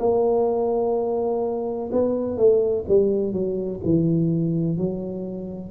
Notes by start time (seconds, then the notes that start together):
0.00 A#3
1.92 B3
2.37 A3
2.88 G3
3.33 F#3
3.84 E3
4.77 F#3